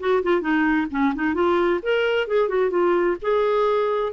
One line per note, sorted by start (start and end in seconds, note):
0.00 0.23 F#4
0.23 0.41 F4
0.41 0.87 D#4
0.91 1.14 C#4
1.15 1.34 D#4
1.34 1.80 F4
1.83 2.28 A#4
2.28 2.49 G#4
2.49 2.71 F#4
2.71 3.17 F4
3.22 4.13 G#4